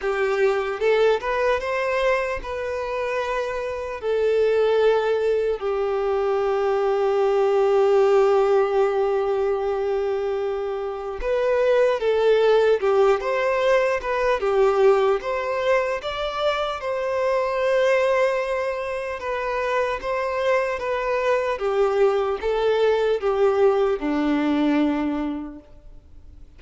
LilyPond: \new Staff \with { instrumentName = "violin" } { \time 4/4 \tempo 4 = 75 g'4 a'8 b'8 c''4 b'4~ | b'4 a'2 g'4~ | g'1~ | g'2 b'4 a'4 |
g'8 c''4 b'8 g'4 c''4 | d''4 c''2. | b'4 c''4 b'4 g'4 | a'4 g'4 d'2 | }